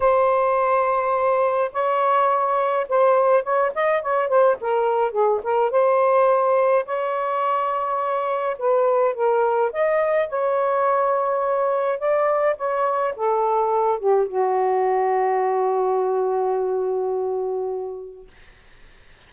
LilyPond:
\new Staff \with { instrumentName = "saxophone" } { \time 4/4 \tempo 4 = 105 c''2. cis''4~ | cis''4 c''4 cis''8 dis''8 cis''8 c''8 | ais'4 gis'8 ais'8 c''2 | cis''2. b'4 |
ais'4 dis''4 cis''2~ | cis''4 d''4 cis''4 a'4~ | a'8 g'8 fis'2.~ | fis'1 | }